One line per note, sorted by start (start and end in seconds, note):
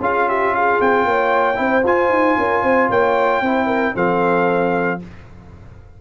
0.00 0.79 C#4
0.00 1.55 F4
0.00 0.28 G#4
0.00 0.29 F5
0.28 0.55 G4
0.28 0.55 E5
0.55 1.07 G#4
0.55 0.81 F5
0.81 1.05 C4
0.81 1.86 G5
1.05 1.58 A#3
1.05 1.60 C#5
1.55 1.84 C4
1.55 1.82 E4
1.55 2.38 C5
1.84 2.10 F4
1.84 3.45 F4
1.84 2.91 G#5
2.10 2.36 D#4
2.38 2.63 C#4
2.38 2.63 A#4
2.63 2.90 C4
2.63 2.89 C5
2.89 3.42 A#3
2.89 3.42 C#5
2.89 3.96 G5
3.42 3.94 C4
3.42 3.95 E4
3.42 3.67 C5
3.67 3.93 A#4
3.95 5.01 F3
3.95 5.00 C4
3.95 5.01 A4
3.95 5.02 F5